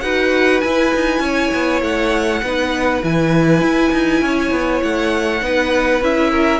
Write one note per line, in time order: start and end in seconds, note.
0.00 0.62 D#4
0.00 0.63 F#4
0.00 1.22 B4
0.00 0.60 F#5
0.60 2.43 E4
0.60 0.94 E4
0.60 1.80 G#5
0.94 1.19 D#4
1.19 1.49 C#4
1.19 2.42 C#5
1.53 1.81 B3
1.81 2.41 A3
1.81 3.03 F#5
2.42 3.02 B3
2.42 3.02 D#4
2.42 4.23 B4
3.02 3.61 E3
3.02 5.41 E4
3.02 4.82 G#5
3.61 3.91 E4
3.92 4.21 D#4
4.21 4.51 C#4
4.21 5.44 C#5
4.51 4.81 B3
4.82 5.41 A3
4.82 6.02 F#5
5.41 6.01 B3
5.41 6.01 D#4
5.41 6.30 B4
6.01 6.59 C#4
6.01 6.59 E4
6.01 6.59 E5
6.30 6.59 A#4